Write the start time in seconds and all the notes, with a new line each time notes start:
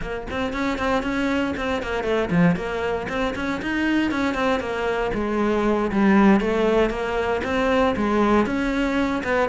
0.01 A#3
0.30 C4
0.53 C#4
0.78 C4
1.03 C#4
1.56 C4
1.82 A#3
2.03 A3
2.30 F3
2.56 A#3
3.08 C4
3.35 C#4
3.62 D#4
4.11 C#4
4.34 C4
4.59 A#3
5.14 G#3
5.91 G3
6.40 A3
6.90 A#3
7.44 C4
7.96 G#3
8.45 C#4
9.23 B3